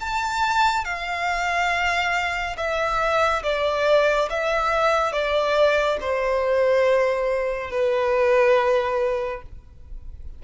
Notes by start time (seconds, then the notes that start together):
0.00 A5
0.85 F5
2.57 E5
3.43 D5
4.30 E5
5.12 D5
6.00 C5
7.71 B4